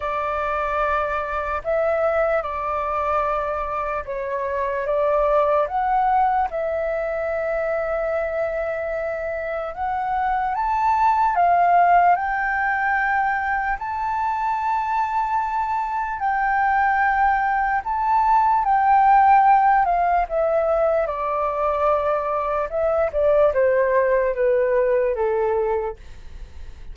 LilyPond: \new Staff \with { instrumentName = "flute" } { \time 4/4 \tempo 4 = 74 d''2 e''4 d''4~ | d''4 cis''4 d''4 fis''4 | e''1 | fis''4 a''4 f''4 g''4~ |
g''4 a''2. | g''2 a''4 g''4~ | g''8 f''8 e''4 d''2 | e''8 d''8 c''4 b'4 a'4 | }